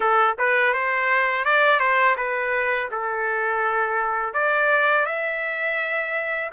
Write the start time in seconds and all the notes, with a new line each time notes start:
0.00 A4
0.38 B4
0.73 C5
1.44 D5
1.79 C5
2.17 B4
2.91 A4
4.33 D5
5.05 E5